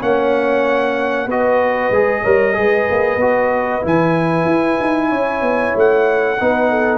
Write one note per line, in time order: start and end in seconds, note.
0.00 1.27 A#3
0.00 1.29 C#4
0.00 1.28 C#5
0.00 1.30 F#5
1.27 1.91 B3
1.27 1.93 F#4
1.27 2.23 B4
1.27 3.86 D#5
1.91 2.23 G#3
1.91 2.25 G#4
2.23 2.57 G3
2.23 2.54 A#4
2.23 2.55 C#5
2.54 2.89 G#3
2.54 3.18 G#4
2.54 5.09 B4
2.91 3.17 A#3
3.17 3.80 B3
3.17 3.82 F#4
3.82 4.46 E3
3.82 6.37 E4
3.82 5.78 G#5
4.46 4.78 E4
4.81 5.12 D#4
5.09 5.42 C#4
5.09 6.37 C#5
5.42 5.74 B3
5.76 6.40 A3
5.76 6.99 F#5
6.40 6.99 B3
6.40 6.99 D#4
6.40 6.70 B4
6.70 6.99 A4